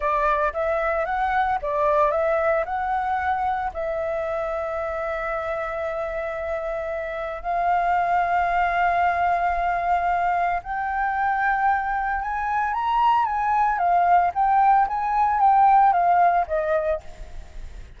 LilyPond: \new Staff \with { instrumentName = "flute" } { \time 4/4 \tempo 4 = 113 d''4 e''4 fis''4 d''4 | e''4 fis''2 e''4~ | e''1~ | e''2 f''2~ |
f''1 | g''2. gis''4 | ais''4 gis''4 f''4 g''4 | gis''4 g''4 f''4 dis''4 | }